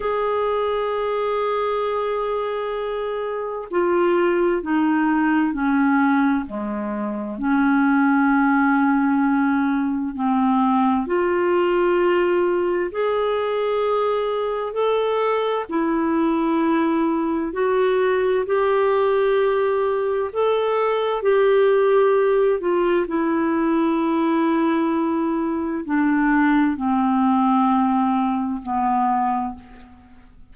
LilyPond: \new Staff \with { instrumentName = "clarinet" } { \time 4/4 \tempo 4 = 65 gis'1 | f'4 dis'4 cis'4 gis4 | cis'2. c'4 | f'2 gis'2 |
a'4 e'2 fis'4 | g'2 a'4 g'4~ | g'8 f'8 e'2. | d'4 c'2 b4 | }